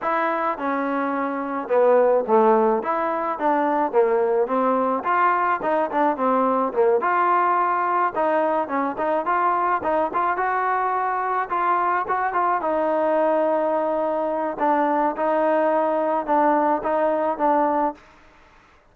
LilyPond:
\new Staff \with { instrumentName = "trombone" } { \time 4/4 \tempo 4 = 107 e'4 cis'2 b4 | a4 e'4 d'4 ais4 | c'4 f'4 dis'8 d'8 c'4 | ais8 f'2 dis'4 cis'8 |
dis'8 f'4 dis'8 f'8 fis'4.~ | fis'8 f'4 fis'8 f'8 dis'4.~ | dis'2 d'4 dis'4~ | dis'4 d'4 dis'4 d'4 | }